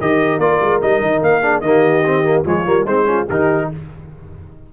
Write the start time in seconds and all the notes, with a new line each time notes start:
0.00 D#3 G4 A#4 D#5
0.39 A#3 F4 D5
0.61 G#3
0.82 G3 D#4 D#5
1.01 D#3
1.22 A#3 F5
1.42 D4 G#4
1.61 D#3 A#3 G4 D#5
2.06 C4
2.24 A#3
2.45 F3 G#3 F4 C#5
2.66 G3 A#3
2.86 G#3 C4 D#4 C5
3.05 C#4 F4
3.27 D#3 D#4 G4 A#4